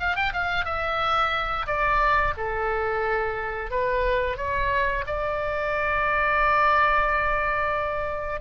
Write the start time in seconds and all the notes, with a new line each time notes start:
0.00 F5
0.16 G5
0.33 F5
0.65 E5
1.67 D5
2.37 A4
3.71 B4
4.38 C#5
5.07 D5